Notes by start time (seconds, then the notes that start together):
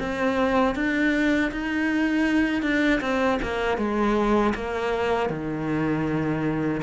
0.00 C4
0.76 D4
1.52 D#4
2.62 D4
3.01 C4
3.42 A#3
3.78 G#3
4.55 A#3
5.30 D#3